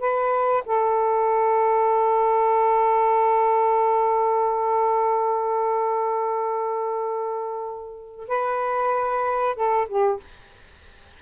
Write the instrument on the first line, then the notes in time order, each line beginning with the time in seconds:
saxophone
0.00 B4
0.66 A4
8.28 B4
9.56 A4
9.88 G4